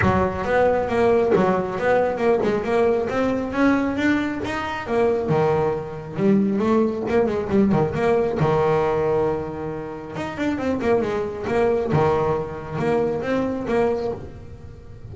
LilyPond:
\new Staff \with { instrumentName = "double bass" } { \time 4/4 \tempo 4 = 136 fis4 b4 ais4 fis4 | b4 ais8 gis8 ais4 c'4 | cis'4 d'4 dis'4 ais4 | dis2 g4 a4 |
ais8 gis8 g8 dis8 ais4 dis4~ | dis2. dis'8 d'8 | c'8 ais8 gis4 ais4 dis4~ | dis4 ais4 c'4 ais4 | }